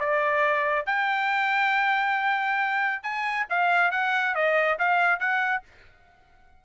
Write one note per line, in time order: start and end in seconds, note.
0.00 0.86 D5
0.86 3.03 G5
3.03 3.47 G#5
3.50 3.92 F5
3.92 4.35 F#5
4.35 4.78 D#5
4.79 5.20 F5
5.20 5.63 F#5